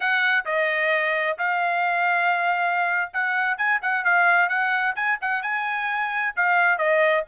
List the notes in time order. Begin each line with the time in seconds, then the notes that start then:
0.00 F#5
0.45 D#5
1.38 F5
3.13 F#5
3.57 G#5
3.81 F#5
4.04 F5
4.49 F#5
4.95 G#5
5.21 F#5
5.42 G#5
6.36 F5
6.78 D#5